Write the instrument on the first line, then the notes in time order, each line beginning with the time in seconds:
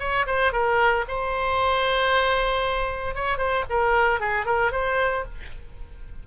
oboe
0.00 C#5
0.27 C5
0.53 A#4
1.08 C5
3.15 C#5
3.38 C5
3.70 A#4
4.20 G#4
4.46 A#4
4.72 C5